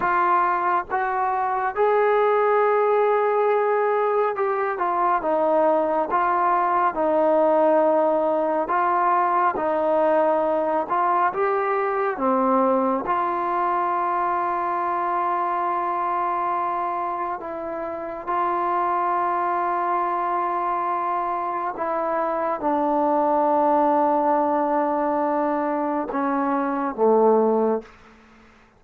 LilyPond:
\new Staff \with { instrumentName = "trombone" } { \time 4/4 \tempo 4 = 69 f'4 fis'4 gis'2~ | gis'4 g'8 f'8 dis'4 f'4 | dis'2 f'4 dis'4~ | dis'8 f'8 g'4 c'4 f'4~ |
f'1 | e'4 f'2.~ | f'4 e'4 d'2~ | d'2 cis'4 a4 | }